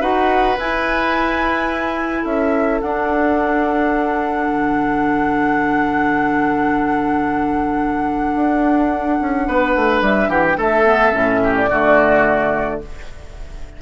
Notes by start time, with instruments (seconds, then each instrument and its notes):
0.00 bassoon D#4, clarinet F#4, oboe B4, flute F#5
0.58 bassoon E4, clarinet E4, flute G#5
2.21 bassoon C#4, oboe A4, flute E5
2.80 bassoon D4, clarinet D4, flute F#5
4.47 bassoon D3
8.35 bassoon D4
9.20 bassoon C#4
9.47 bassoon B3, oboe B4
9.75 bassoon A3
10.01 bassoon G3, flute E5
10.28 bassoon E3, oboe G4, flute F#5
10.45 flute G5
10.57 bassoon A3, oboe A4, flute E5
10.84 clarinet B3
11.12 bassoon A2, clarinet C#4
11.44 oboe G4
11.56 flute D5
11.69 bassoon D3, clarinet A3, oboe F#4